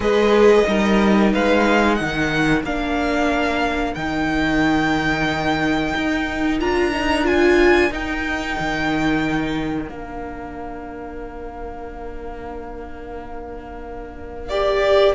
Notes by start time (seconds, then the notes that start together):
0.00 G#3 G#4 B4 D#5
0.66 G3 D#4 A#4
1.32 G#3 B4 F5
1.95 D#3 A#4 F#5
2.63 A#3 D4 F5
3.93 D#3 D#4 G5
5.95 D#4
6.60 D4 F4 A#5
6.92 D#4
7.24 F4 G#5
7.91 D#4 G5
8.59 D#3
9.88 A#3 D4 F5
14.48 G4 D5